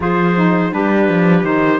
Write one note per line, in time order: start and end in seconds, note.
0.00 0.72 F3
0.00 0.33 F4
0.00 0.73 G#4
0.00 0.73 C5
0.36 0.71 D#4
0.71 1.08 G3
0.71 1.44 D4
0.71 1.80 G4
0.71 1.45 B4
1.08 1.43 F3
1.43 1.79 D#3
1.43 1.80 D#4
1.43 1.80 C5